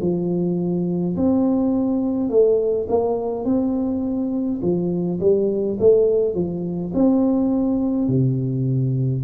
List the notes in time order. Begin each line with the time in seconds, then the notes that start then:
0.00 F3
1.16 C4
2.29 A3
2.88 A#3
3.45 C4
4.62 F3
5.20 G3
5.79 A3
6.34 F3
6.93 C4
8.08 C3